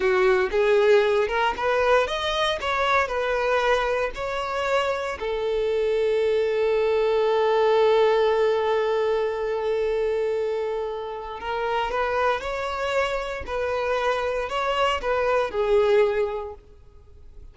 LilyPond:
\new Staff \with { instrumentName = "violin" } { \time 4/4 \tempo 4 = 116 fis'4 gis'4. ais'8 b'4 | dis''4 cis''4 b'2 | cis''2 a'2~ | a'1~ |
a'1~ | a'2 ais'4 b'4 | cis''2 b'2 | cis''4 b'4 gis'2 | }